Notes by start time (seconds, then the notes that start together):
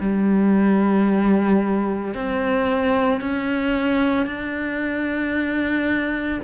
0.00 G3
2.14 C4
3.20 C#4
4.26 D4